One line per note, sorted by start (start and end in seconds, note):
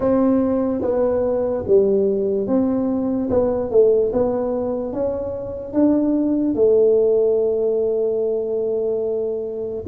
0.00 0.81 C4
0.81 1.64 B3
1.67 2.47 G3
2.47 3.29 C4
3.30 3.70 B3
3.70 4.11 A3
4.12 4.92 B3
4.92 5.73 C#4
5.73 6.55 D4
6.55 9.83 A3